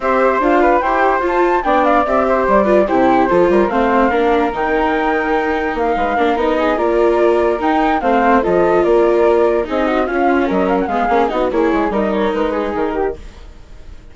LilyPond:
<<
  \new Staff \with { instrumentName = "flute" } { \time 4/4 \tempo 4 = 146 e''4 f''4 g''4 a''4 | g''8 f''8 e''4 d''4 c''4~ | c''4 f''2 g''4~ | g''2 f''4. dis''8~ |
dis''8 d''2 g''4 f''8~ | f''8 dis''4 d''2 dis''8~ | dis''8 f''4 dis''8 f''16 fis''16 f''4 dis''8 | cis''4 dis''8 cis''8 b'4 ais'4 | }
  \new Staff \with { instrumentName = "flute" } { \time 4/4 c''4. b'8 c''2 | d''4. c''4 b'8 g'4 | a'8 ais'8 c''4 ais'2~ | ais'2~ ais'8 b'8 ais'4 |
gis'8 ais'2. c''8~ | c''8 a'4 ais'2 gis'8 | fis'8 f'4 ais'4 gis'4 fis'8 | gis'4 ais'4. gis'4 g'8 | }
  \new Staff \with { instrumentName = "viola" } { \time 4/4 g'4 f'4 g'4 f'4 | d'4 g'4. f'8 e'4 | f'4 c'4 d'4 dis'4~ | dis'2. d'8 dis'8~ |
dis'8 f'2 dis'4 c'8~ | c'8 f'2. dis'8~ | dis'8 cis'2 b8 cis'8 dis'8 | e'4 dis'2. | }
  \new Staff \with { instrumentName = "bassoon" } { \time 4/4 c'4 d'4 e'4 f'4 | b4 c'4 g4 c4 | f8 g8 a4 ais4 dis4~ | dis2 ais8 gis8 ais8 b8~ |
b8 ais2 dis'4 a8~ | a8 f4 ais2 c'8~ | c'8 cis'4 fis4 gis8 ais8 b8 | ais8 gis8 g4 gis4 dis4 | }
>>